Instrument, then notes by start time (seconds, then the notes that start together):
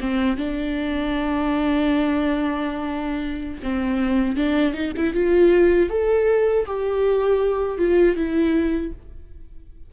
viola
0.00 C4
0.37 D4
3.62 C4
4.36 D4
4.73 D#4
4.96 E4
5.13 F4
5.89 A4
6.66 G4
7.77 F4
8.16 E4